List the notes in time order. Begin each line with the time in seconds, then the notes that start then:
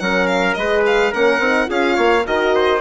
0.00 F#3 C#4 A#4 F#5
0.27 F5
0.54 G#3 G#4 B4 D#5
0.86 F5
1.12 A#3 C#4 A#4 F#5
1.39 C4 D#4
1.66 C#4 F4 G#4 F5
1.95 A#3 C#5
2.26 D#3 F#4 A#4 D#5
2.55 C5